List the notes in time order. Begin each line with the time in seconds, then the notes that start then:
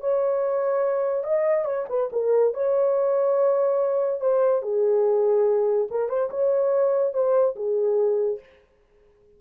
0.00 C#5
1.24 D#5
1.65 C#5
1.89 B4
2.12 A#4
2.54 C#5
4.20 C5
4.62 G#4
5.90 A#4
6.09 C5
6.30 C#5
7.13 C5
7.55 G#4